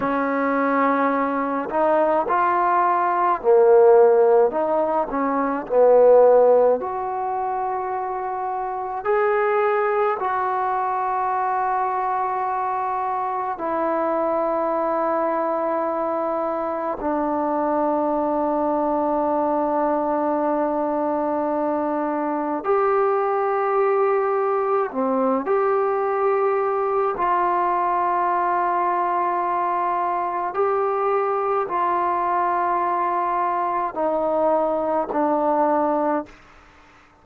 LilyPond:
\new Staff \with { instrumentName = "trombone" } { \time 4/4 \tempo 4 = 53 cis'4. dis'8 f'4 ais4 | dis'8 cis'8 b4 fis'2 | gis'4 fis'2. | e'2. d'4~ |
d'1 | g'2 c'8 g'4. | f'2. g'4 | f'2 dis'4 d'4 | }